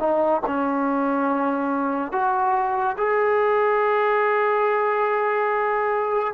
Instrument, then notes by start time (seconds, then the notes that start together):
trombone
0.00 D#4
0.47 C#4
2.12 F#4
2.98 G#4